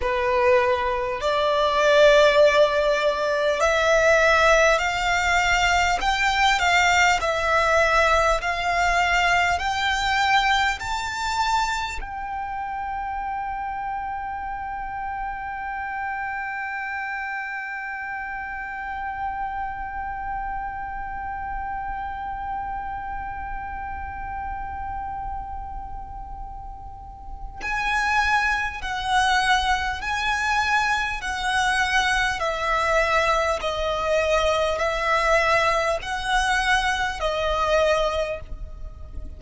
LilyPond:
\new Staff \with { instrumentName = "violin" } { \time 4/4 \tempo 4 = 50 b'4 d''2 e''4 | f''4 g''8 f''8 e''4 f''4 | g''4 a''4 g''2~ | g''1~ |
g''1~ | g''2. gis''4 | fis''4 gis''4 fis''4 e''4 | dis''4 e''4 fis''4 dis''4 | }